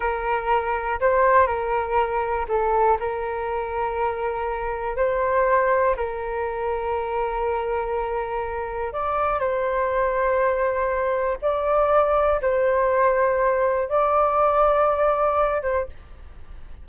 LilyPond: \new Staff \with { instrumentName = "flute" } { \time 4/4 \tempo 4 = 121 ais'2 c''4 ais'4~ | ais'4 a'4 ais'2~ | ais'2 c''2 | ais'1~ |
ais'2 d''4 c''4~ | c''2. d''4~ | d''4 c''2. | d''2.~ d''8 c''8 | }